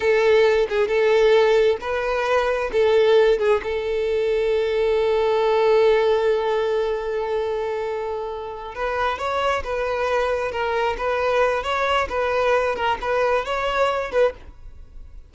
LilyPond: \new Staff \with { instrumentName = "violin" } { \time 4/4 \tempo 4 = 134 a'4. gis'8 a'2 | b'2 a'4. gis'8 | a'1~ | a'1~ |
a'2.~ a'8 b'8~ | b'8 cis''4 b'2 ais'8~ | ais'8 b'4. cis''4 b'4~ | b'8 ais'8 b'4 cis''4. b'8 | }